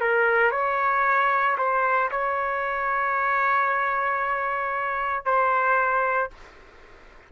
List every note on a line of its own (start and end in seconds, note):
0.00 0.51 A#4
0.51 1.56 C#5
1.57 2.10 C5
2.11 5.25 C#5
5.25 6.30 C5